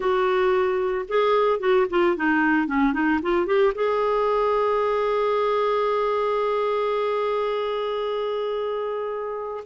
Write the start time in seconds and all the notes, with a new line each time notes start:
0.00 F#4
1.08 G#4
1.59 F#4
1.90 F4
2.16 D#4
2.67 C#4
2.93 D#4
3.22 F4
3.46 G4
3.74 G#4